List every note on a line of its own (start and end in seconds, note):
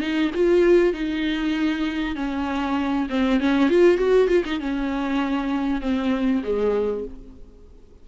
0.00 0.31 D#4
0.35 0.93 F4
0.93 2.15 D#4
2.16 3.08 C#4
3.09 3.40 C4
3.40 3.69 C#4
3.69 3.97 F4
3.97 4.28 F#4
4.28 4.43 F4
4.45 4.60 D#4
4.60 5.81 C#4
5.81 6.42 C4
6.43 7.04 G#3